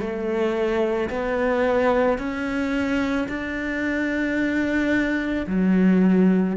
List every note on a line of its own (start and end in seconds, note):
0.00 1.09 A3
1.10 2.18 B3
2.18 3.27 C#4
3.28 5.46 D4
5.46 6.56 F#3